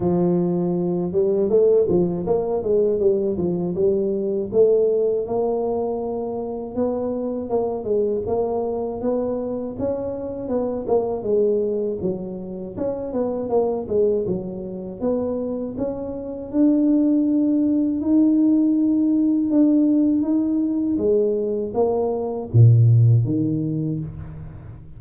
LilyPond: \new Staff \with { instrumentName = "tuba" } { \time 4/4 \tempo 4 = 80 f4. g8 a8 f8 ais8 gis8 | g8 f8 g4 a4 ais4~ | ais4 b4 ais8 gis8 ais4 | b4 cis'4 b8 ais8 gis4 |
fis4 cis'8 b8 ais8 gis8 fis4 | b4 cis'4 d'2 | dis'2 d'4 dis'4 | gis4 ais4 ais,4 dis4 | }